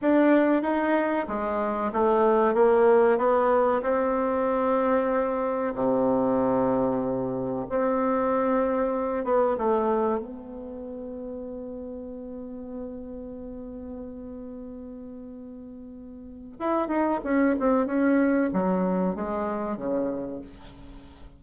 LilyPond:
\new Staff \with { instrumentName = "bassoon" } { \time 4/4 \tempo 4 = 94 d'4 dis'4 gis4 a4 | ais4 b4 c'2~ | c'4 c2. | c'2~ c'8 b8 a4 |
b1~ | b1~ | b2 e'8 dis'8 cis'8 c'8 | cis'4 fis4 gis4 cis4 | }